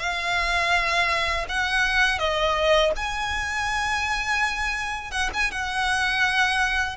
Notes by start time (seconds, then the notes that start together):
0.00 F5
1.49 F#5
2.19 D#5
2.96 G#5
5.12 F#5
5.34 G#5
5.51 F#5